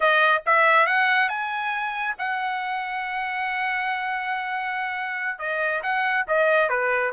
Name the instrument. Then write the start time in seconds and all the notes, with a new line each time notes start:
trumpet
0.00 D#5
0.46 E5
0.86 F#5
1.29 G#5
2.18 F#5
5.38 D#5
5.82 F#5
6.27 D#5
6.69 B4